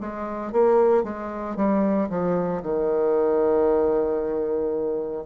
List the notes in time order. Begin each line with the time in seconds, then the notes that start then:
0.00 G#3
0.52 A#3
1.03 G#3
1.56 G3
2.10 F3
2.63 D#3